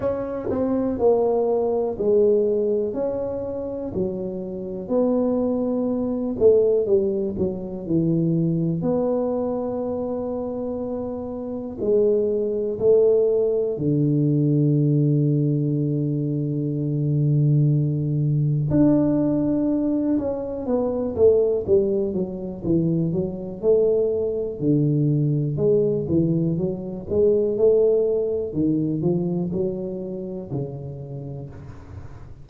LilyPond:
\new Staff \with { instrumentName = "tuba" } { \time 4/4 \tempo 4 = 61 cis'8 c'8 ais4 gis4 cis'4 | fis4 b4. a8 g8 fis8 | e4 b2. | gis4 a4 d2~ |
d2. d'4~ | d'8 cis'8 b8 a8 g8 fis8 e8 fis8 | a4 d4 gis8 e8 fis8 gis8 | a4 dis8 f8 fis4 cis4 | }